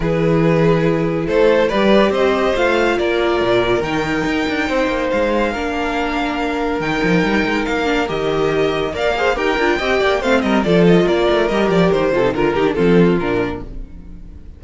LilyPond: <<
  \new Staff \with { instrumentName = "violin" } { \time 4/4 \tempo 4 = 141 b'2. c''4 | d''4 dis''4 f''4 d''4~ | d''4 g''2. | f''1 |
g''2 f''4 dis''4~ | dis''4 f''4 g''2 | f''8 dis''8 d''8 dis''8 d''4 dis''8 d''8 | c''4 ais'8 g'8 a'4 ais'4 | }
  \new Staff \with { instrumentName = "violin" } { \time 4/4 gis'2. a'4 | b'4 c''2 ais'4~ | ais'2. c''4~ | c''4 ais'2.~ |
ais'1~ | ais'4 d''8 c''8 ais'4 dis''8 d''8 | c''8 ais'8 a'4 ais'2~ | ais'8 a'8 ais'4 f'2 | }
  \new Staff \with { instrumentName = "viola" } { \time 4/4 e'1 | g'2 f'2~ | f'4 dis'2.~ | dis'4 d'2. |
dis'2~ dis'8 d'8 g'4~ | g'4 ais'8 gis'8 g'8 f'8 g'4 | c'4 f'2 g'4~ | g'8 f'16 dis'16 f'8 dis'16 d'16 c'4 d'4 | }
  \new Staff \with { instrumentName = "cello" } { \time 4/4 e2. a4 | g4 c'4 a4 ais4 | ais,4 dis4 dis'8 d'8 c'8 ais8 | gis4 ais2. |
dis8 f8 g8 gis8 ais4 dis4~ | dis4 ais4 dis'8 d'8 c'8 ais8 | a8 g8 f4 ais8 a8 g8 f8 | dis8 c8 d8 dis8 f4 ais,4 | }
>>